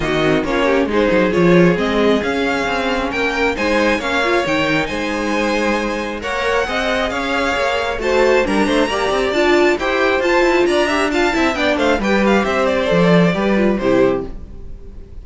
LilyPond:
<<
  \new Staff \with { instrumentName = "violin" } { \time 4/4 \tempo 4 = 135 dis''4 cis''4 c''4 cis''4 | dis''4 f''2 g''4 | gis''4 f''4 g''4 gis''4~ | gis''2 fis''2 |
f''2 a''4 ais''4~ | ais''4 a''4 g''4 a''4 | ais''4 a''4 g''8 f''8 g''8 f''8 | e''8 d''2~ d''8 c''4 | }
  \new Staff \with { instrumentName = "violin" } { \time 4/4 fis'4 f'8 g'8 gis'2~ | gis'2. ais'4 | c''4 cis''2 c''4~ | c''2 cis''4 dis''4 |
cis''2 c''4 ais'8 c''8 | d''2 c''2 | d''8 e''8 f''8 e''8 d''8 c''8 b'4 | c''2 b'4 g'4 | }
  \new Staff \with { instrumentName = "viola" } { \time 4/4 ais8 c'8 cis'4 dis'4 f'4 | c'4 cis'2. | dis'4 cis'8 f'8 dis'2~ | dis'2 ais'4 gis'4~ |
gis'2 fis'4 d'4 | g'4 f'4 g'4 f'4~ | f'8 g'8 f'8 e'8 d'4 g'4~ | g'4 a'4 g'8 f'8 e'4 | }
  \new Staff \with { instrumentName = "cello" } { \time 4/4 dis4 ais4 gis8 fis8 f4 | gis4 cis'4 c'4 ais4 | gis4 ais4 dis4 gis4~ | gis2 ais4 c'4 |
cis'4 ais4 a4 g8 a8 | ais8 c'8 d'4 e'4 f'8 e'8 | d'4. c'8 b8 a8 g4 | c'4 f4 g4 c4 | }
>>